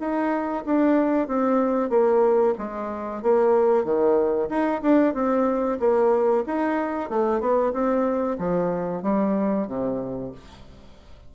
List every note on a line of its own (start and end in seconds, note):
0.00 0.65 D#4
0.66 1.28 D4
1.28 1.90 C4
1.90 2.55 A#3
2.59 3.23 G#3
3.23 3.85 A#3
3.85 4.49 D#3
4.50 4.82 D#4
4.82 5.15 D4
5.15 5.79 C4
5.80 6.44 A#3
6.47 7.10 D#4
7.10 7.41 A3
7.41 7.73 B3
7.73 8.38 C4
8.39 9.03 F3
9.03 9.67 G3
9.68 10.32 C3